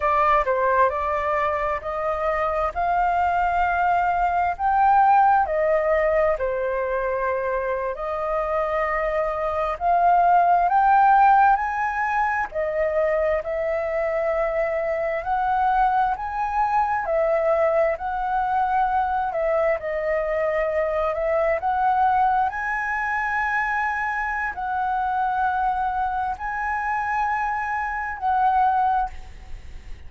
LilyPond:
\new Staff \with { instrumentName = "flute" } { \time 4/4 \tempo 4 = 66 d''8 c''8 d''4 dis''4 f''4~ | f''4 g''4 dis''4 c''4~ | c''8. dis''2 f''4 g''16~ | g''8. gis''4 dis''4 e''4~ e''16~ |
e''8. fis''4 gis''4 e''4 fis''16~ | fis''4~ fis''16 e''8 dis''4. e''8 fis''16~ | fis''8. gis''2~ gis''16 fis''4~ | fis''4 gis''2 fis''4 | }